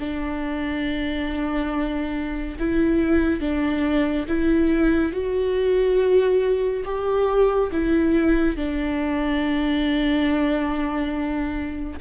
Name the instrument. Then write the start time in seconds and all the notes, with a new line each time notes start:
viola
0.00 D4
2.59 E4
3.41 D4
4.28 E4
5.13 F#4
6.85 G4
7.72 E4
8.57 D4